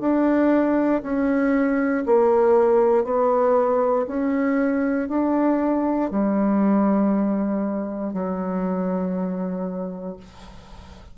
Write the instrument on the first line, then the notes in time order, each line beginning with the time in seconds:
bassoon
0.00 D4
1.02 C#4
2.06 A#3
3.04 B3
4.07 C#4
5.08 D4
6.10 G3
8.13 F#3